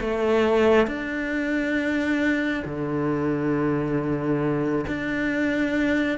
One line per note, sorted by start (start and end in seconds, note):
0.00 0.87 A3
0.87 2.63 D4
2.65 4.85 D3
4.87 6.18 D4